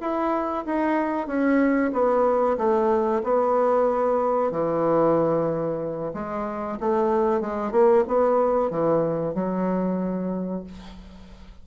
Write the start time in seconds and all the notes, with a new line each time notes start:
0.00 E4
0.65 D#4
1.27 C#4
1.92 B3
2.57 A3
3.23 B3
4.51 E3
6.13 G#3
6.79 A3
7.40 G#3
7.71 A#3
8.07 B3
8.70 E3
9.34 F#3